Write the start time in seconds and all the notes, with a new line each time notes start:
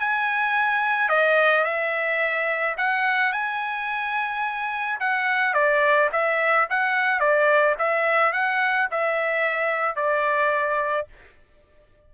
0.00 G#5
1.09 D#5
1.64 E5
2.77 F#5
3.32 G#5
5.00 F#5
5.54 D5
6.12 E5
6.69 F#5
7.19 D5
7.79 E5
8.33 F#5
8.91 E5
9.96 D5